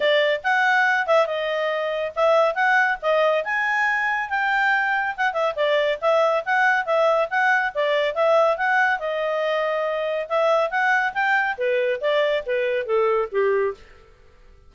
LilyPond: \new Staff \with { instrumentName = "clarinet" } { \time 4/4 \tempo 4 = 140 d''4 fis''4. e''8 dis''4~ | dis''4 e''4 fis''4 dis''4 | gis''2 g''2 | fis''8 e''8 d''4 e''4 fis''4 |
e''4 fis''4 d''4 e''4 | fis''4 dis''2. | e''4 fis''4 g''4 b'4 | d''4 b'4 a'4 g'4 | }